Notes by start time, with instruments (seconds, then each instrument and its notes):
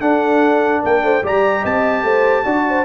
0.00 trombone D4, tuba D4, horn A4, trumpet F#5
0.82 tuba A#3, horn A#4, trumpet G5
1.02 tuba A3, horn C5
1.23 tuba G3, trombone G4, horn D5, trumpet A#5
1.62 tuba C4, horn D#5, trumpet A5
2.03 tuba A3, horn C5
2.45 tuba D4, trombone F#4, horn D5
2.68 horn C5